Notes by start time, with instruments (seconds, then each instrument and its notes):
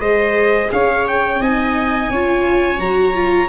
0.00 tuba G#3, viola G#4 C5, trumpet D#5
0.72 tuba C#4, viola C#5, trumpet F5
1.08 trumpet G5
1.40 tuba C4, viola D#4 D#5, trumpet G#5
2.10 tuba C#4, viola F4 C#5
2.79 tuba F#3, viola F#4, trumpet A#5
3.14 viola F4